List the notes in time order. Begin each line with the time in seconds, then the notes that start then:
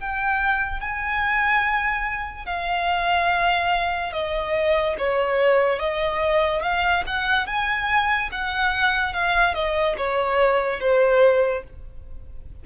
0.00 G5
0.80 G#5
2.46 F5
4.12 D#5
4.98 C#5
5.79 D#5
6.62 F5
7.06 F#5
7.47 G#5
8.32 F#5
9.13 F5
9.54 D#5
9.97 C#5
10.80 C5